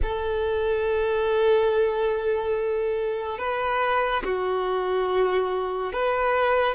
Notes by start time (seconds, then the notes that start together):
0.02 A4
3.38 B4
4.24 F#4
5.92 B4